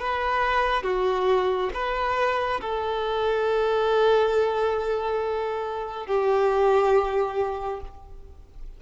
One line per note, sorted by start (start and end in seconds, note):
0.00 0.83 B4
0.83 1.70 F#4
1.74 2.61 B4
2.61 6.07 A4
6.07 7.81 G4